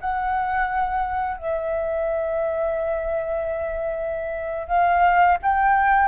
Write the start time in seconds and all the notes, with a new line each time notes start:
0.00 F#5
1.37 E5
4.67 F5
5.42 G5